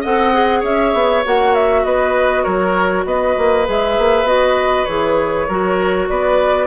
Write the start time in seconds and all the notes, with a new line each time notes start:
0.00 C4 A4 D#5 F#5
0.33 G#4
0.59 C#4 C#5 E5
0.93 B3
1.24 A#3 F#4 F#5
1.54 E5
1.84 B3 B4 D#5
2.43 F#3 A#4 C#5
3.05 B3 B4 D#5
3.37 A#3
3.65 G#3 G#4 E5
3.98 A#3
4.23 B3 F#4 D#5
4.85 E3 G#4 C#5
5.47 F#3 F#4 A#4
6.08 B3 B4 D5